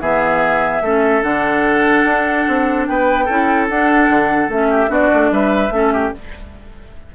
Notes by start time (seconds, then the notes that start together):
0.00 E3 B3 G#4 E5
0.81 A3 C#4 A4
1.22 D3 D4 F#5
2.05 D4
2.48 C4
2.87 B3 B4 G5
3.25 C#4 E4 A4
3.69 D4 F#5
4.09 D3
4.48 A3 C#4 E5
4.70 G4
4.87 B3 D4 F#4 D5
5.14 A3
5.31 G3 B4 E5
5.70 A3 C#4 A4
5.93 G4